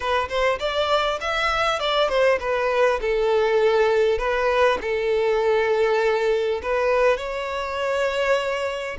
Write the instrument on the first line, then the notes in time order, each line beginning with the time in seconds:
violin
0.00 B4
0.28 C5
0.59 D5
1.20 E5
1.79 D5
2.08 C5
2.40 B4
3.01 A4
4.18 B4
4.81 A4
6.62 B4
7.17 C#5